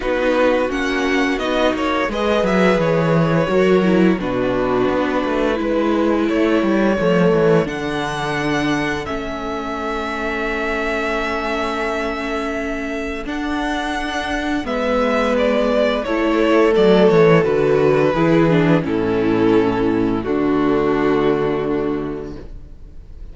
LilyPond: <<
  \new Staff \with { instrumentName = "violin" } { \time 4/4 \tempo 4 = 86 b'4 fis''4 dis''8 cis''8 dis''8 e''8 | cis''2 b'2~ | b'4 cis''2 fis''4~ | fis''4 e''2.~ |
e''2. fis''4~ | fis''4 e''4 d''4 cis''4 | d''8 cis''8 b'2 a'4~ | a'4 fis'2. | }
  \new Staff \with { instrumentName = "violin" } { \time 4/4 fis'2. b'4~ | b'4 ais'4 fis'2 | b'4 a'2.~ | a'1~ |
a'1~ | a'4 b'2 a'4~ | a'2 gis'4 e'4~ | e'4 d'2. | }
  \new Staff \with { instrumentName = "viola" } { \time 4/4 dis'4 cis'4 dis'4 gis'4~ | gis'4 fis'8 e'8 d'2 | e'2 a4 d'4~ | d'4 cis'2.~ |
cis'2. d'4~ | d'4 b2 e'4 | a4 fis'4 e'8 d'8 cis'4~ | cis'4 a2. | }
  \new Staff \with { instrumentName = "cello" } { \time 4/4 b4 ais4 b8 ais8 gis8 fis8 | e4 fis4 b,4 b8 a8 | gis4 a8 g8 f8 e8 d4~ | d4 a2.~ |
a2. d'4~ | d'4 gis2 a4 | fis8 e8 d4 e4 a,4~ | a,4 d2. | }
>>